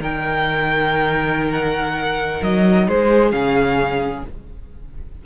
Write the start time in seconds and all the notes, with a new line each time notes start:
0.00 D#3 D#4 A#4 G5
1.52 F#5
2.42 F#3 D#5
2.88 G#3 G#4 C5
3.30 C#3 C#4 F5